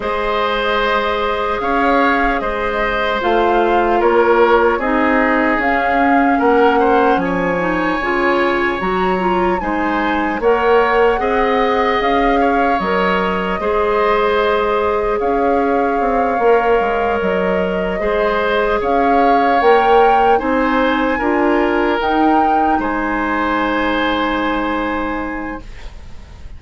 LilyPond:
<<
  \new Staff \with { instrumentName = "flute" } { \time 4/4 \tempo 4 = 75 dis''2 f''4 dis''4 | f''4 cis''4 dis''4 f''4 | fis''4 gis''2 ais''4 | gis''4 fis''2 f''4 |
dis''2. f''4~ | f''4. dis''2 f''8~ | f''8 g''4 gis''2 g''8~ | g''8 gis''2.~ gis''8 | }
  \new Staff \with { instrumentName = "oboe" } { \time 4/4 c''2 cis''4 c''4~ | c''4 ais'4 gis'2 | ais'8 c''8 cis''2. | c''4 cis''4 dis''4. cis''8~ |
cis''4 c''2 cis''4~ | cis''2~ cis''8 c''4 cis''8~ | cis''4. c''4 ais'4.~ | ais'8 c''2.~ c''8 | }
  \new Staff \with { instrumentName = "clarinet" } { \time 4/4 gis'1 | f'2 dis'4 cis'4~ | cis'4. dis'8 f'4 fis'8 f'8 | dis'4 ais'4 gis'2 |
ais'4 gis'2.~ | gis'8 ais'2 gis'4.~ | gis'8 ais'4 dis'4 f'4 dis'8~ | dis'1 | }
  \new Staff \with { instrumentName = "bassoon" } { \time 4/4 gis2 cis'4 gis4 | a4 ais4 c'4 cis'4 | ais4 f4 cis4 fis4 | gis4 ais4 c'4 cis'4 |
fis4 gis2 cis'4 | c'8 ais8 gis8 fis4 gis4 cis'8~ | cis'8 ais4 c'4 d'4 dis'8~ | dis'8 gis2.~ gis8 | }
>>